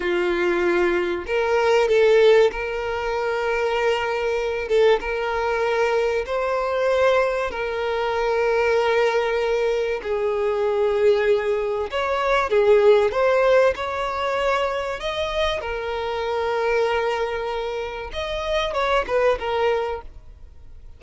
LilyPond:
\new Staff \with { instrumentName = "violin" } { \time 4/4 \tempo 4 = 96 f'2 ais'4 a'4 | ais'2.~ ais'8 a'8 | ais'2 c''2 | ais'1 |
gis'2. cis''4 | gis'4 c''4 cis''2 | dis''4 ais'2.~ | ais'4 dis''4 cis''8 b'8 ais'4 | }